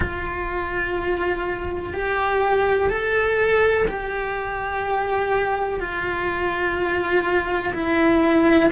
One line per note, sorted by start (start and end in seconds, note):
0.00 1.94 F4
1.94 2.89 G4
2.89 3.86 A4
3.87 5.79 G4
5.79 7.73 F4
7.73 8.70 E4